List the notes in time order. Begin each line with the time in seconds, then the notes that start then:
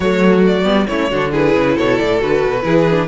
0.00 F#3 A3 F#4 C#5
0.46 D5
0.63 G3 B3
0.87 A3 C#4 E4 C#5
1.10 D3 D4 F#4
1.31 E4 G#4 B4
1.55 C#3
1.75 B2 A4 C#5
1.98 A2 D5
2.18 D3 F#4 B4
2.45 B2
2.62 E3 E4 G#4
2.90 D4